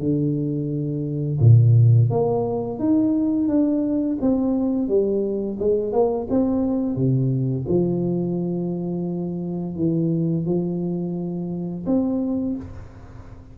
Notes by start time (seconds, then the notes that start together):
0.00 D3
1.41 A#2
2.11 A#3
2.79 D#4
3.49 D4
4.21 C4
4.89 G3
5.60 G#3
5.93 A#3
6.30 C4
6.96 C3
7.69 F3
9.76 E3
10.47 F3
11.87 C4